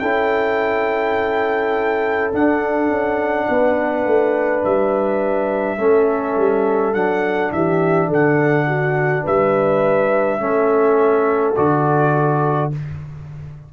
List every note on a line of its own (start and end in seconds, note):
0.00 2.33 C#4
0.00 2.32 E4
0.00 3.48 A4
0.00 2.31 G5
2.32 5.78 D4
2.32 2.90 D4
2.32 4.65 F#5
2.90 3.48 C#4
3.50 4.05 B3
3.50 5.79 B4
4.05 4.63 A3
4.65 5.78 G3
4.65 6.94 E5
5.78 6.36 A3
5.78 6.94 C#4
5.78 7.52 A4
6.37 6.94 G3
6.94 7.52 F#3
6.94 10.40 D4
6.94 7.52 F#5
7.53 8.09 E3
7.53 8.09 G4
7.53 8.10 E5
8.09 9.24 D3
8.09 8.66 A4
8.09 9.26 F#5
8.68 9.24 F#4
9.24 10.40 G3
9.24 10.39 B4
9.24 11.56 E5
10.40 11.56 A3
10.40 11.55 C#4
10.40 12.73 A4
11.56 12.73 D3
11.56 12.72 F#4
11.56 12.71 D5